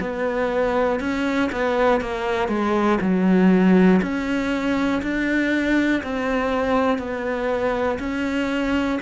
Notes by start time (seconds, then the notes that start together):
0.00 B3
1.00 C#4
1.52 B3
2.00 A#3
2.48 G#3
3.00 F#3
4.01 C#4
5.02 D4
6.03 C4
6.98 B3
7.99 C#4